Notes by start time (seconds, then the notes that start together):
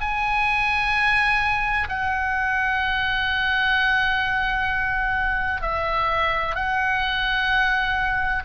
0.00 G#5
1.88 F#5
5.61 E5
6.55 F#5